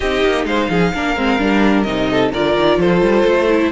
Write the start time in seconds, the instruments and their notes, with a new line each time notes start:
0.00 cello C4, viola D#4, violin G4 D#5
0.24 cello A#3
0.45 cello G#3, violin C5 F5
0.69 cello F3, violin G#4
0.94 cello A#3, viola D4, violin A#4
1.16 cello G#3, viola C4
1.39 cello G3, viola D4
1.82 cello C3, viola D#4, violin D#5
2.10 violin A4
2.32 cello D3, viola F4, violin A#4 D5
2.56 cello D#3
2.78 cello F3, violin A4 C5
3.01 cello G3
3.25 cello A3
3.49 viola E4